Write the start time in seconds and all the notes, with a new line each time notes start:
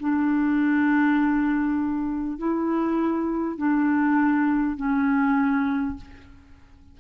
0.00 D4
2.39 E4
3.58 D4
4.77 C#4